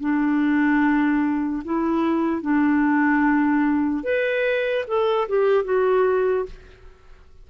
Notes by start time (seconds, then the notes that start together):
0.00 D4
1.64 E4
2.41 D4
4.03 B4
4.87 A4
5.28 G4
5.64 F#4